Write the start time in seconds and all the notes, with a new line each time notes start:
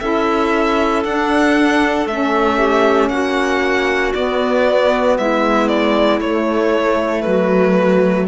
0.00 C#4 E4 A4 E5
1.05 D4 F#5
2.06 A3 C#4 E5
2.58 G4
3.09 A#3 F#4 F#5
4.14 B3 D5
5.18 G#3 E4 E5
5.68 D5
6.20 A3 C#5
7.22 F#3 F#4 B4